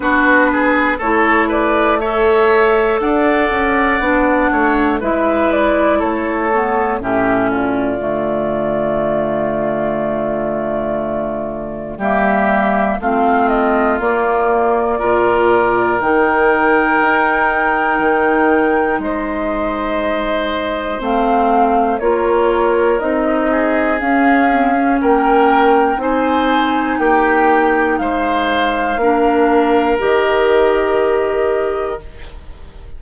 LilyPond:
<<
  \new Staff \with { instrumentName = "flute" } { \time 4/4 \tempo 4 = 60 b'4 cis''8 d''8 e''4 fis''4~ | fis''4 e''8 d''8 cis''4 e''8 d''8~ | d''1 | e''4 f''8 dis''8 d''2 |
g''2. dis''4~ | dis''4 f''4 cis''4 dis''4 | f''4 g''4 gis''4 g''4 | f''2 dis''2 | }
  \new Staff \with { instrumentName = "oboe" } { \time 4/4 fis'8 gis'8 a'8 b'8 cis''4 d''4~ | d''8 cis''8 b'4 a'4 g'8 f'8~ | f'1 | g'4 f'2 ais'4~ |
ais'2. c''4~ | c''2 ais'4. gis'8~ | gis'4 ais'4 c''4 g'4 | c''4 ais'2. | }
  \new Staff \with { instrumentName = "clarinet" } { \time 4/4 d'4 e'4 a'2 | d'4 e'4. b8 cis'4 | a1 | ais4 c'4 ais4 f'4 |
dis'1~ | dis'4 c'4 f'4 dis'4 | cis'8 c'16 cis'4~ cis'16 dis'2~ | dis'4 d'4 g'2 | }
  \new Staff \with { instrumentName = "bassoon" } { \time 4/4 b4 a2 d'8 cis'8 | b8 a8 gis4 a4 a,4 | d1 | g4 a4 ais4 ais,4 |
dis4 dis'4 dis4 gis4~ | gis4 a4 ais4 c'4 | cis'4 ais4 c'4 ais4 | gis4 ais4 dis2 | }
>>